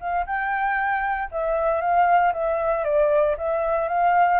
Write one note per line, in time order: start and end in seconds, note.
0.00 0.26 F5
0.26 1.30 G5
1.31 1.81 E5
1.81 2.33 F5
2.33 2.84 E5
2.84 3.36 D5
3.38 3.88 E5
3.88 4.40 F5